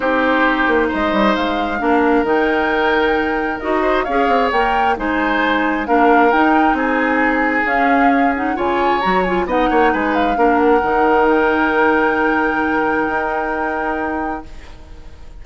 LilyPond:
<<
  \new Staff \with { instrumentName = "flute" } { \time 4/4 \tempo 4 = 133 c''2 dis''4 f''4~ | f''4 g''2. | dis''4 f''4 g''4 gis''4~ | gis''4 f''4 g''4 gis''4~ |
gis''4 f''4. fis''8 gis''4 | ais''8 gis''8 fis''4 gis''8 f''4 fis''8~ | fis''4 g''2.~ | g''1 | }
  \new Staff \with { instrumentName = "oboe" } { \time 4/4 g'2 c''2 | ais'1~ | ais'8 c''8 cis''2 c''4~ | c''4 ais'2 gis'4~ |
gis'2. cis''4~ | cis''4 dis''8 cis''8 b'4 ais'4~ | ais'1~ | ais'1 | }
  \new Staff \with { instrumentName = "clarinet" } { \time 4/4 dis'1 | d'4 dis'2. | fis'4 gis'4 ais'4 dis'4~ | dis'4 d'4 dis'2~ |
dis'4 cis'4. dis'8 f'4 | fis'8 f'8 dis'2 d'4 | dis'1~ | dis'1 | }
  \new Staff \with { instrumentName = "bassoon" } { \time 4/4 c'4. ais8 gis8 g8 gis4 | ais4 dis2. | dis'4 cis'8 c'8 ais4 gis4~ | gis4 ais4 dis'4 c'4~ |
c'4 cis'2 cis4 | fis4 b8 ais8 gis4 ais4 | dis1~ | dis4 dis'2. | }
>>